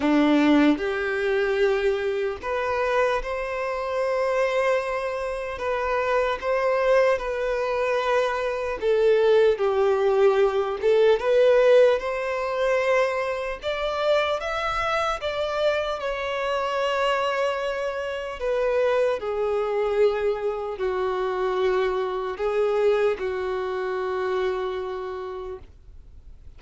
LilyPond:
\new Staff \with { instrumentName = "violin" } { \time 4/4 \tempo 4 = 75 d'4 g'2 b'4 | c''2. b'4 | c''4 b'2 a'4 | g'4. a'8 b'4 c''4~ |
c''4 d''4 e''4 d''4 | cis''2. b'4 | gis'2 fis'2 | gis'4 fis'2. | }